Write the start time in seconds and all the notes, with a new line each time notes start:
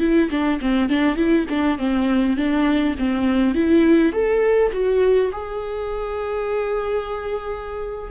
0.00 E4
0.31 D4
0.61 C4
0.90 D4
1.17 E4
1.50 D4
1.78 C4
2.37 D4
2.99 C4
3.55 E4
4.13 A4
4.73 F#4
5.32 G#4